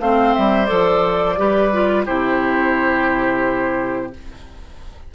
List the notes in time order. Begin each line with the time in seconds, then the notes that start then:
0.00 A3 C4 C5 F5
0.35 G3 E5
0.66 F3 A4 D5
1.37 G3 G4 B4
1.73 F4
2.06 C3 E4 G4 C5